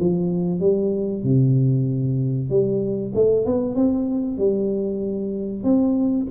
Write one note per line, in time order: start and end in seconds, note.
0.00 0.60 F3
0.60 1.23 G3
1.23 2.50 C3
2.50 3.13 G3
3.15 3.46 A3
3.46 3.76 B3
3.76 4.38 C4
4.38 5.64 G3
5.64 6.27 C4